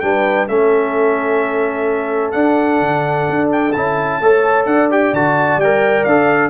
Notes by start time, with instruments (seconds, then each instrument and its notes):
0.00 tuba G3, trombone D4, horn B4, trumpet G5
0.48 tuba A3, trombone C#4, horn A4, trumpet E5
2.31 trombone D4, tuba D4, trumpet F#5
2.80 tuba D3
3.29 tuba D4
3.52 trumpet G5
3.72 tuba C#4, trombone E4, trumpet A5
4.20 tuba A3, trombone A4, horn C#5
4.65 tuba D4, horn D5, trumpet F#5
4.90 trombone G4, trumpet G5
5.12 tuba D3, trombone F#4, trumpet A5
5.56 tuba G3, trumpet G5
5.63 trombone A#4
6.04 tuba D4, trombone A4, trumpet F5